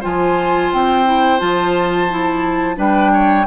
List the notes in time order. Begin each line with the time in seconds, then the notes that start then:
0.00 F3 F4 C5 G#5
0.73 C4 G5
1.05 E4
1.38 F3 F4 A5
2.10 E4
2.76 G3 D4 B4 G5
3.13 C#5